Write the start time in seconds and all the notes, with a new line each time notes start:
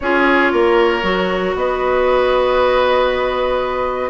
0.00 C#4 F4 G#4 C#5
0.52 A#3 A#4
1.02 F#3 F#4
1.55 B3 B4 D#5